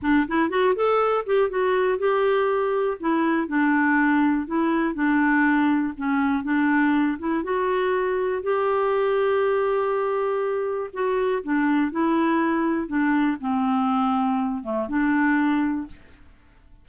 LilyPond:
\new Staff \with { instrumentName = "clarinet" } { \time 4/4 \tempo 4 = 121 d'8 e'8 fis'8 a'4 g'8 fis'4 | g'2 e'4 d'4~ | d'4 e'4 d'2 | cis'4 d'4. e'8 fis'4~ |
fis'4 g'2.~ | g'2 fis'4 d'4 | e'2 d'4 c'4~ | c'4. a8 d'2 | }